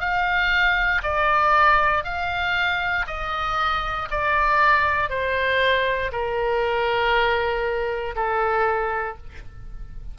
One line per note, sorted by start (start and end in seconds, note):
0.00 1.02 F5
1.03 2.04 D5
2.04 3.06 F5
3.07 4.09 D#5
4.10 5.09 D5
5.09 6.11 C5
6.12 8.15 A#4
8.15 9.17 A4